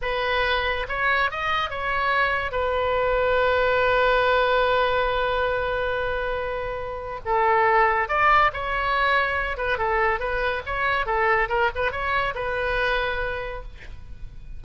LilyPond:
\new Staff \with { instrumentName = "oboe" } { \time 4/4 \tempo 4 = 141 b'2 cis''4 dis''4 | cis''2 b'2~ | b'1~ | b'1~ |
b'4 a'2 d''4 | cis''2~ cis''8 b'8 a'4 | b'4 cis''4 a'4 ais'8 b'8 | cis''4 b'2. | }